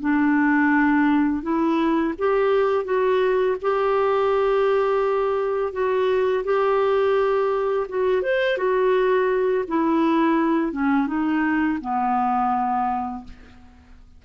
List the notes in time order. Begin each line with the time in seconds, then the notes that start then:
0.00 D4
1.42 E4
2.18 G4
2.84 F#4
3.61 G4
5.72 F#4
6.44 G4
7.88 F#4
8.22 C5
8.57 F#4
9.68 E4
10.72 C#4
11.07 D#4
11.81 B3